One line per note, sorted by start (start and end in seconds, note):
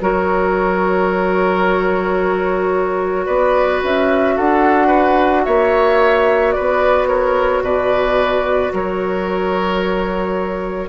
0.00 3.27 F#3
0.00 10.89 F#4
0.00 3.25 A#4
0.00 3.26 C#5
3.25 3.82 B3
3.25 4.35 B4
3.25 3.81 D5
3.83 4.37 C#4
3.83 4.37 E5
4.37 5.47 D4
4.37 4.87 A4
4.37 5.44 F#5
4.87 5.42 B4
5.44 6.56 A#3
5.44 6.55 C#5
5.44 6.52 E5
6.52 7.08 B4
6.52 7.07 D5
6.59 7.62 B3
7.08 7.63 A#4
7.08 7.62 C#5
7.62 8.71 B2
7.62 8.73 B4
7.62 8.73 D5
8.73 10.89 F#3
8.73 10.89 A#4
8.73 10.89 C#5